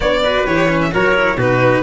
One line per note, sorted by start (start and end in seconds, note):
0.00 0.46 B3
0.00 0.24 D4
0.00 0.23 C#5
0.00 0.45 D5
0.23 0.47 F#4
0.23 0.92 B4
0.45 0.92 E3
0.45 0.68 G4
0.45 0.80 C#5
0.68 0.91 C#4
0.81 0.93 E5
0.91 1.36 F#3
0.91 1.14 F#4
0.91 1.37 A#4
0.91 1.39 C#5
1.15 1.37 E4
1.36 1.82 B2
1.36 1.83 D#4
1.36 1.83 F#4
1.36 1.83 B4